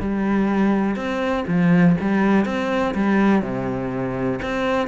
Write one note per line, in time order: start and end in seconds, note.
0.00 0.96 G3
0.96 1.44 C4
1.47 1.96 F3
2.00 2.45 G3
2.45 2.94 C4
2.95 3.42 G3
3.42 4.40 C3
4.42 4.88 C4